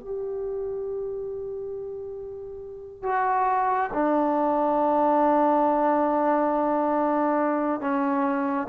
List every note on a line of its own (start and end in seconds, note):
0.00 3.03 G4
3.03 3.90 F#4
3.93 7.80 D4
7.80 8.67 C#4